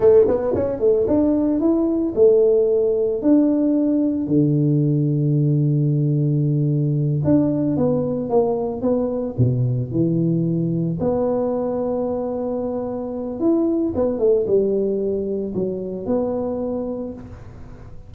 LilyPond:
\new Staff \with { instrumentName = "tuba" } { \time 4/4 \tempo 4 = 112 a8 b8 cis'8 a8 d'4 e'4 | a2 d'2 | d1~ | d4. d'4 b4 ais8~ |
ais8 b4 b,4 e4.~ | e8 b2.~ b8~ | b4 e'4 b8 a8 g4~ | g4 fis4 b2 | }